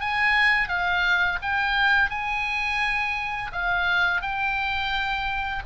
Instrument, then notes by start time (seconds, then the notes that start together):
oboe
0.00 G#5
0.69 F5
1.42 G5
2.10 G#5
3.53 F5
4.22 G5